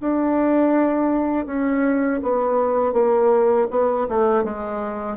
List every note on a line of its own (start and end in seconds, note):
0.00 1.46 D4
1.46 2.20 C#4
2.22 2.93 B3
2.93 3.67 A#3
3.70 4.07 B3
4.09 4.44 A3
4.44 5.17 G#3